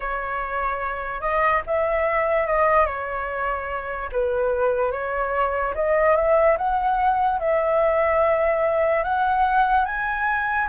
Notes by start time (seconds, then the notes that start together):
0.00 C#5
1.21 D#5
1.66 E5
2.47 D#5
2.86 C#5
4.11 B4
4.91 C#5
5.74 D#5
6.16 E5
6.57 F#5
7.39 E5
9.03 F#5
9.85 G#5